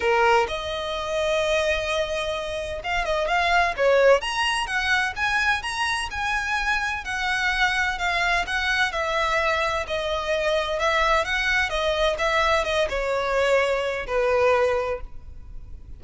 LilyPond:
\new Staff \with { instrumentName = "violin" } { \time 4/4 \tempo 4 = 128 ais'4 dis''2.~ | dis''2 f''8 dis''8 f''4 | cis''4 ais''4 fis''4 gis''4 | ais''4 gis''2 fis''4~ |
fis''4 f''4 fis''4 e''4~ | e''4 dis''2 e''4 | fis''4 dis''4 e''4 dis''8 cis''8~ | cis''2 b'2 | }